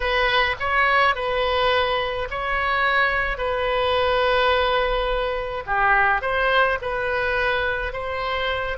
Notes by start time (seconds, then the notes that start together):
0.00 B4
0.59 C#5
1.15 B4
2.30 C#5
3.37 B4
5.66 G4
6.21 C5
6.81 B4
7.92 C5